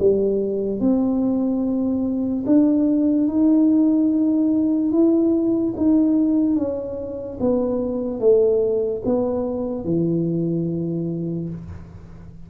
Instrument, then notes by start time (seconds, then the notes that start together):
tuba
0.00 G3
0.81 C4
2.47 D4
3.28 D#4
4.92 E4
5.77 D#4
6.56 C#4
7.41 B3
8.20 A3
9.06 B3
9.85 E3